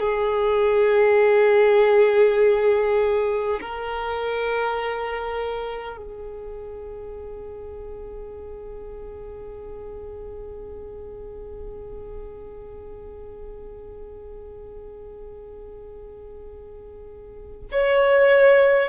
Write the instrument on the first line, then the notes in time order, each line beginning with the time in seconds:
violin
0.00 G#4
3.61 A#4
5.97 G#4
17.72 C#5